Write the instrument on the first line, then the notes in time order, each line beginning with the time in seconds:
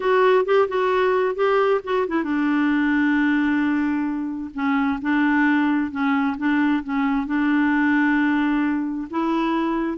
clarinet
0.00 F#4
0.45 G4
0.68 F#4
1.35 G4
1.83 F#4
2.07 E4
2.23 D4
4.54 C#4
5.01 D4
5.91 C#4
6.37 D4
6.83 C#4
7.26 D4
9.10 E4